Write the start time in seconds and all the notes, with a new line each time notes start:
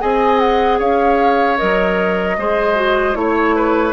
0.00 C4 G#4 D#5 G#5
0.39 F#5
0.78 C#4 C#5 F5
1.57 F#3 A#4 D#5
2.37 G#3 G#4 C5
2.75 F#4
3.14 A3 E4 C#5
3.55 B4